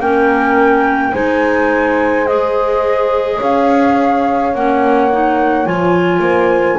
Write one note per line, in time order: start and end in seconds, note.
0.00 1.13 A#3
0.00 1.14 C#4
0.00 1.12 A#4
0.00 1.14 G5
1.12 3.40 G#3
1.12 2.27 D#4
1.12 3.37 C5
1.12 2.27 G#5
2.27 4.54 G#4
2.27 3.40 D#5
3.37 4.55 C#4
3.37 6.20 C#5
3.37 4.55 F5
4.55 5.67 A#3
4.55 5.12 C#4
4.55 5.67 F#5
5.12 5.66 D#4
5.66 6.20 F3
5.66 6.79 F4
5.66 6.79 G#5
6.20 6.76 A#3
6.20 6.78 C5